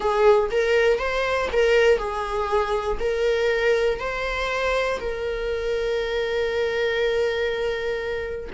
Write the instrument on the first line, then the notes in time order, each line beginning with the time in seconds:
viola
0.00 G#4
0.51 A#4
0.98 C5
1.52 A#4
1.97 G#4
2.99 A#4
3.99 C5
5.00 A#4